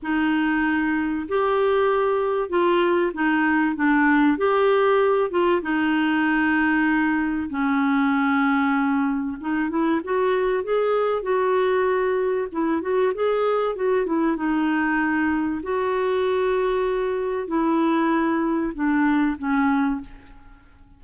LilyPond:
\new Staff \with { instrumentName = "clarinet" } { \time 4/4 \tempo 4 = 96 dis'2 g'2 | f'4 dis'4 d'4 g'4~ | g'8 f'8 dis'2. | cis'2. dis'8 e'8 |
fis'4 gis'4 fis'2 | e'8 fis'8 gis'4 fis'8 e'8 dis'4~ | dis'4 fis'2. | e'2 d'4 cis'4 | }